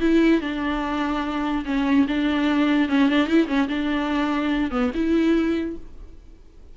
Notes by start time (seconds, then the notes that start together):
0.00 E4
0.41 D4
1.65 C#4
2.07 D4
2.89 C#4
3.09 D4
3.27 E4
3.47 C#4
3.68 D4
4.71 B3
4.94 E4